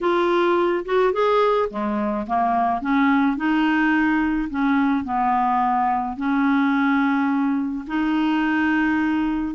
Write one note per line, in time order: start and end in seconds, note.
0.00 0.84 F4
0.85 1.12 F#4
1.12 1.68 G#4
1.70 2.26 G#3
2.27 2.81 A#3
2.81 3.36 C#4
3.36 4.48 D#4
4.49 5.04 C#4
5.04 6.16 B3
6.17 7.85 C#4
7.87 9.54 D#4